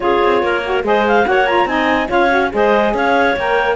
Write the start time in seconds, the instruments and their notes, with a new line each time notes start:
0.00 cello C#4, saxophone F4, clarinet G#4 C#5
0.24 cello C4
0.42 cello A#3, clarinet A#4
0.65 saxophone F#4
0.83 cello G#3, saxophone G#4, clarinet C5 D#5
1.07 clarinet F5
1.24 cello A#3, saxophone F#4, clarinet C#5 F#5
1.46 saxophone F4, clarinet A#5
1.65 cello C4, saxophone D#4, clarinet D#5 G#5
2.08 cello C#4, saxophone F4, clarinet C#5 F5
2.29 saxophone F#4
2.51 cello G#3, saxophone G#4, clarinet C5 D#5
2.94 cello C#4, clarinet C#5 F5
3.36 cello A#3, saxophone A#4, clarinet G5